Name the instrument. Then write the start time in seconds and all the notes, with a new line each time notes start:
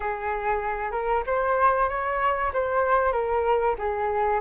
flute
0.00 G#4
0.91 A#4
1.26 C5
1.89 C#5
2.53 C5
3.12 A#4
3.78 G#4